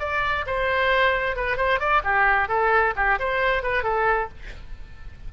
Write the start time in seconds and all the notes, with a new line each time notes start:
0.00 D5
0.47 C5
1.36 B4
1.57 C5
1.80 D5
2.04 G4
2.49 A4
2.96 G4
3.20 C5
3.63 B4
3.84 A4